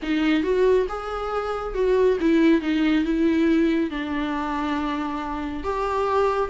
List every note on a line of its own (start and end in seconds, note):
0.02 0.43 D#4
0.43 0.86 F#4
0.88 1.74 G#4
1.74 2.18 F#4
2.20 2.61 E4
2.61 3.04 D#4
3.04 3.90 E4
3.90 5.63 D4
5.63 6.50 G4